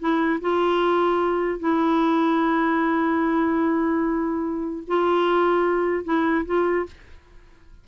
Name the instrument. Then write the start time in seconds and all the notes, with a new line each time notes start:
clarinet
0.00 E4
0.41 F4
1.60 E4
4.88 F4
6.05 E4
6.46 F4